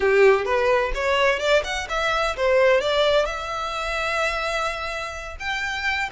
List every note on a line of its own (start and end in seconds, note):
0.00 0.45 G4
0.45 0.92 B4
0.94 1.39 C#5
1.39 1.62 D5
1.64 1.87 F#5
1.89 2.36 E5
2.36 2.80 C5
2.80 3.25 D5
3.25 5.36 E5
5.39 6.09 G5